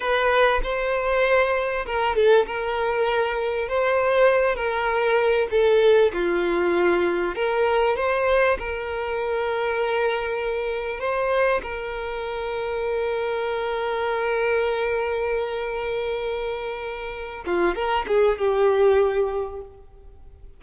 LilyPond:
\new Staff \with { instrumentName = "violin" } { \time 4/4 \tempo 4 = 98 b'4 c''2 ais'8 a'8 | ais'2 c''4. ais'8~ | ais'4 a'4 f'2 | ais'4 c''4 ais'2~ |
ais'2 c''4 ais'4~ | ais'1~ | ais'1~ | ais'8 f'8 ais'8 gis'8 g'2 | }